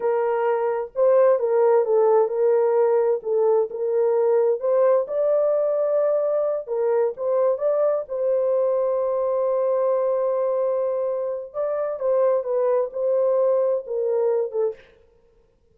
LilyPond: \new Staff \with { instrumentName = "horn" } { \time 4/4 \tempo 4 = 130 ais'2 c''4 ais'4 | a'4 ais'2 a'4 | ais'2 c''4 d''4~ | d''2~ d''8 ais'4 c''8~ |
c''8 d''4 c''2~ c''8~ | c''1~ | c''4 d''4 c''4 b'4 | c''2 ais'4. a'8 | }